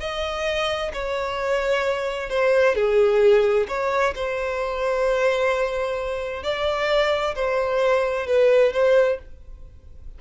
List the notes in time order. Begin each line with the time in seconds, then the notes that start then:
0.00 D#5
0.93 C#5
2.30 C5
2.75 G#4
3.68 C#5
4.15 C5
6.43 D5
7.35 C5
8.27 B4
8.73 C5